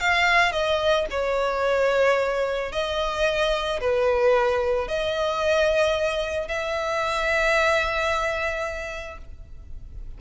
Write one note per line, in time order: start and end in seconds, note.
0.00 0.52 F5
0.52 1.06 D#5
1.10 2.71 C#5
2.71 3.80 D#5
3.80 4.88 B4
4.88 6.48 D#5
6.48 9.18 E5